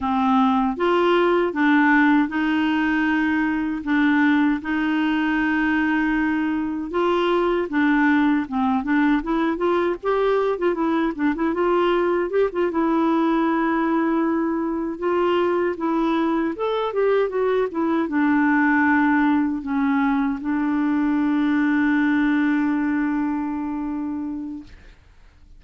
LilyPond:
\new Staff \with { instrumentName = "clarinet" } { \time 4/4 \tempo 4 = 78 c'4 f'4 d'4 dis'4~ | dis'4 d'4 dis'2~ | dis'4 f'4 d'4 c'8 d'8 | e'8 f'8 g'8. f'16 e'8 d'16 e'16 f'4 |
g'16 f'16 e'2. f'8~ | f'8 e'4 a'8 g'8 fis'8 e'8 d'8~ | d'4. cis'4 d'4.~ | d'1 | }